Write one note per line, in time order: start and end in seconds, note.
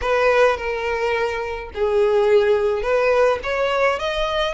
0.01 0.57 B4
0.57 1.70 A#4
1.74 2.82 G#4
2.82 3.38 B4
3.43 3.99 C#5
3.99 4.54 D#5